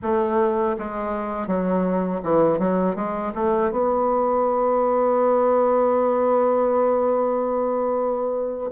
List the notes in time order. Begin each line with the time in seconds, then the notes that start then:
0.02 A3
0.78 G#3
1.46 F#3
2.23 E3
2.59 F#3
2.95 G#3
3.34 A3
3.71 B3